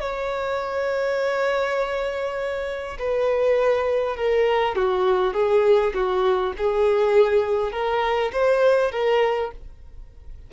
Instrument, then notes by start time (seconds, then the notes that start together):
violin
0.00 C#5
2.98 B4
4.16 A#4
4.76 F#4
5.33 G#4
5.94 F#4
6.57 G#4
7.72 A#4
8.32 C5
8.91 A#4